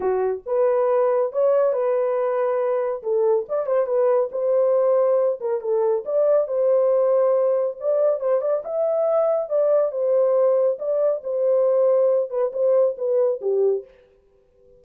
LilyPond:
\new Staff \with { instrumentName = "horn" } { \time 4/4 \tempo 4 = 139 fis'4 b'2 cis''4 | b'2. a'4 | d''8 c''8 b'4 c''2~ | c''8 ais'8 a'4 d''4 c''4~ |
c''2 d''4 c''8 d''8 | e''2 d''4 c''4~ | c''4 d''4 c''2~ | c''8 b'8 c''4 b'4 g'4 | }